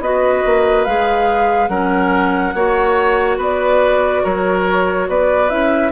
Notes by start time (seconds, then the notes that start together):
0.00 B3 F#4 B4 D#5
0.45 A#3
0.84 G#3 G#4 F5
1.68 F#3 C#4 A#4 F#5
2.54 A#3 F#4 C#5
3.37 B3 B4 D5
4.23 F#3 A#4 C#5
5.08 B3 B4 D5
5.49 C#4 E4 E5